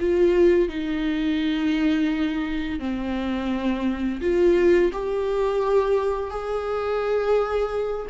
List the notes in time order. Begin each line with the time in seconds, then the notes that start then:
0.00 F4
0.69 D#4
2.80 C4
4.21 F4
4.93 G4
6.30 G#4